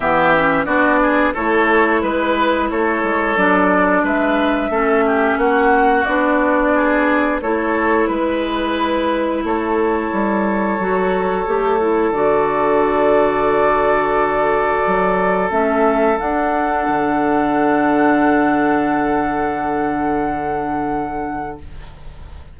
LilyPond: <<
  \new Staff \with { instrumentName = "flute" } { \time 4/4 \tempo 4 = 89 e''4 d''4 cis''4 b'4 | cis''4 d''4 e''2 | fis''4 d''2 cis''4 | b'2 cis''2~ |
cis''2 d''2~ | d''2. e''4 | fis''1~ | fis''1 | }
  \new Staff \with { instrumentName = "oboe" } { \time 4/4 g'4 fis'8 gis'8 a'4 b'4 | a'2 b'4 a'8 g'8 | fis'2 gis'4 a'4 | b'2 a'2~ |
a'1~ | a'1~ | a'1~ | a'1 | }
  \new Staff \with { instrumentName = "clarinet" } { \time 4/4 b8 cis'8 d'4 e'2~ | e'4 d'2 cis'4~ | cis'4 d'2 e'4~ | e'1 |
fis'4 g'8 e'8 fis'2~ | fis'2. cis'4 | d'1~ | d'1 | }
  \new Staff \with { instrumentName = "bassoon" } { \time 4/4 e4 b4 a4 gis4 | a8 gis8 fis4 gis4 a4 | ais4 b2 a4 | gis2 a4 g4 |
fis4 a4 d2~ | d2 fis4 a4 | d'4 d2.~ | d1 | }
>>